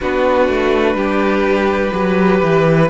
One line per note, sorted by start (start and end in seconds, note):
0.00 0.49 B3
0.00 1.91 D4
0.00 0.96 F#4
0.00 2.90 B4
0.49 0.95 A3
0.95 1.91 G3
0.95 1.93 G4
1.91 2.41 F#3
1.91 2.88 G4
1.91 2.90 B4
2.42 2.90 E3